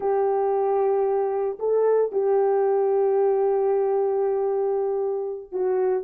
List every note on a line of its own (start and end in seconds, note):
0.00 1.58 G4
1.59 2.12 A4
2.12 5.52 G4
5.52 6.03 F#4